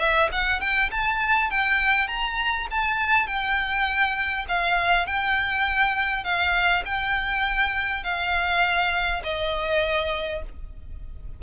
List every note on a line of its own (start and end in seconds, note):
0.00 0.30 E5
0.32 0.60 F#5
0.60 0.90 G5
0.92 1.51 A5
1.51 2.08 G5
2.08 2.67 A#5
2.71 3.27 A5
3.27 4.46 G5
4.49 5.07 F5
5.07 6.24 G5
6.24 6.84 F5
6.86 8.04 G5
8.04 9.23 F5
9.24 10.43 D#5